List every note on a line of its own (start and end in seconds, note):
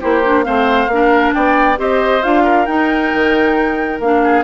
0.00 0.47 A#3
0.00 0.22 E4
0.00 0.44 G4
0.00 0.44 C5
0.24 0.44 D4
0.44 0.87 A3
0.44 0.88 C4
0.44 0.90 C5
0.44 1.33 F5
0.87 1.31 A#3
0.87 1.76 D4
0.94 1.34 A#4
1.33 1.78 B3
1.33 1.79 D5
1.33 1.77 G5
1.76 2.22 C4
1.76 2.21 G4
1.76 2.43 C5
1.76 2.22 D#5
2.22 2.67 D4
2.22 2.66 F4
2.22 2.66 F5
2.43 4.21 A#4
2.66 4.00 D#4
2.66 3.11 D#4
2.66 3.99 G5
3.14 3.99 D#3
3.99 4.44 A#3
3.99 4.44 D4
3.99 4.44 F5
4.24 4.44 G#4